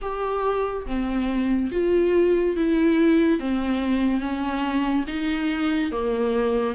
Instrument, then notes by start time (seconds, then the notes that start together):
viola
0.01 G4
0.86 C4
1.71 F4
2.56 E4
3.39 C4
4.20 C#4
5.07 D#4
5.91 A#3